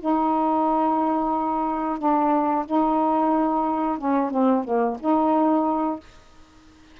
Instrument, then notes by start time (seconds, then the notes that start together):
saxophone
0.00 D#4
1.99 D4
2.66 D#4
3.98 C#4
4.31 C4
4.64 A#3
5.00 D#4